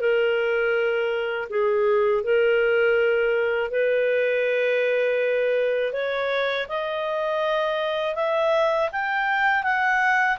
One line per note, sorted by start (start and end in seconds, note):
0.00 1.48 A#4
1.49 2.24 G#4
2.24 3.71 A#4
3.71 5.93 B4
5.93 6.67 C#5
6.68 8.15 D#5
8.15 8.89 E5
8.92 9.63 G5
9.63 10.37 F#5